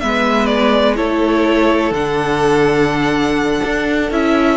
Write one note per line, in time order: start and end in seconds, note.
0.00 0.99 G#3
0.00 0.96 B3
0.00 0.96 B4
0.00 0.46 E5
0.46 0.94 D5
0.96 1.91 A3
0.96 1.93 E4
0.96 4.57 A4
0.96 1.93 C#5
1.91 3.60 D3
1.91 4.12 D4
1.91 4.12 F#5
3.65 4.11 D4
4.11 4.57 C#4
4.11 4.57 E4
4.11 4.57 E5